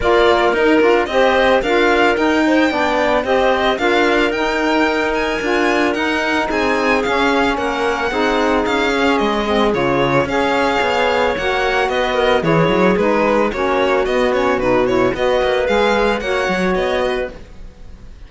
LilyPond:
<<
  \new Staff \with { instrumentName = "violin" } { \time 4/4 \tempo 4 = 111 d''4 ais'4 dis''4 f''4 | g''2 dis''4 f''4 | g''4. gis''4. fis''4 | gis''4 f''4 fis''2 |
f''4 dis''4 cis''4 f''4~ | f''4 fis''4 dis''4 cis''4 | b'4 cis''4 dis''8 cis''8 b'8 cis''8 | dis''4 f''4 fis''4 dis''4 | }
  \new Staff \with { instrumentName = "clarinet" } { \time 4/4 ais'2 c''4 ais'4~ | ais'8 c''8 d''4 c''4 ais'4~ | ais'1 | gis'2 ais'4 gis'4~ |
gis'2. cis''4~ | cis''2 b'8 ais'8 gis'4~ | gis'4 fis'2. | b'2 cis''4. b'8 | }
  \new Staff \with { instrumentName = "saxophone" } { \time 4/4 f'4 dis'8 f'8 g'4 f'4 | dis'4 d'4 g'4 f'4 | dis'2 f'4 dis'4~ | dis'4 cis'2 dis'4~ |
dis'8 cis'4 c'8 f'4 gis'4~ | gis'4 fis'2 e'4 | dis'4 cis'4 b8 cis'8 dis'8 e'8 | fis'4 gis'4 fis'2 | }
  \new Staff \with { instrumentName = "cello" } { \time 4/4 ais4 dis'8 d'8 c'4 d'4 | dis'4 b4 c'4 d'4 | dis'2 d'4 dis'4 | c'4 cis'4 ais4 c'4 |
cis'4 gis4 cis4 cis'4 | b4 ais4 b4 e8 fis8 | gis4 ais4 b4 b,4 | b8 ais8 gis4 ais8 fis8 b4 | }
>>